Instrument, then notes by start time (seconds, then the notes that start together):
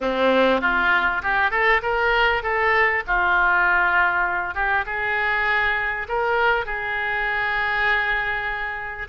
oboe
0.00 C4
0.61 F4
1.22 G4
1.50 A4
1.82 A#4
2.42 A4
3.07 F4
4.54 G4
4.85 G#4
6.08 A#4
6.65 G#4